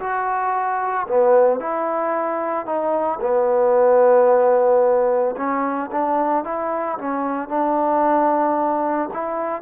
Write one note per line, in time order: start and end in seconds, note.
0.00 1.07 F#4
1.08 1.60 B3
1.60 2.66 E4
2.66 3.20 D#4
3.21 5.36 B3
5.37 5.91 C#4
5.92 6.44 D4
6.44 6.98 E4
6.99 7.49 C#4
7.49 9.10 D4
9.14 9.62 E4